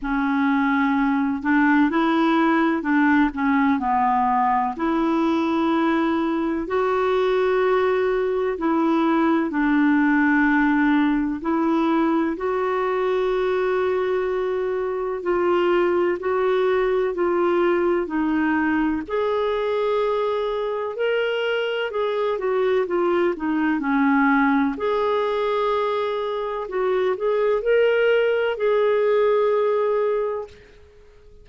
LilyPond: \new Staff \with { instrumentName = "clarinet" } { \time 4/4 \tempo 4 = 63 cis'4. d'8 e'4 d'8 cis'8 | b4 e'2 fis'4~ | fis'4 e'4 d'2 | e'4 fis'2. |
f'4 fis'4 f'4 dis'4 | gis'2 ais'4 gis'8 fis'8 | f'8 dis'8 cis'4 gis'2 | fis'8 gis'8 ais'4 gis'2 | }